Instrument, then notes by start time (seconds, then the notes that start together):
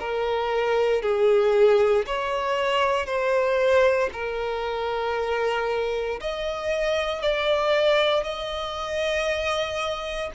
violin
0.00 A#4
1.02 G#4
2.07 C#5
3.06 C5
4.13 A#4
6.21 D#5
7.22 D5
8.24 D#5